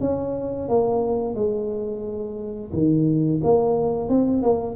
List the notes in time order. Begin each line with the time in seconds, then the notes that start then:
0.00 C#4
0.68 A#3
1.35 G#3
2.73 D#3
3.43 A#3
4.09 C4
4.43 A#3